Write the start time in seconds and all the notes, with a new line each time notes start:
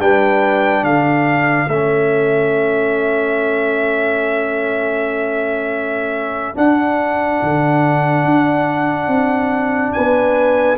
0.00 G3 D4 B4 G5
0.84 D3 A4 F5
1.68 A3 C#4 E5
6.55 D4 F#5
7.43 D3
8.25 D4
9.08 C4
9.93 B3 B4 G#5